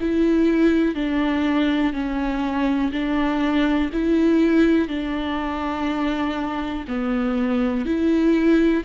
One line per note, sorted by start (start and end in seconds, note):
0.00 0.95 E4
0.95 1.93 D4
1.93 2.92 C#4
2.92 3.90 D4
3.93 4.88 E4
4.88 6.85 D4
6.88 7.85 B3
7.85 8.83 E4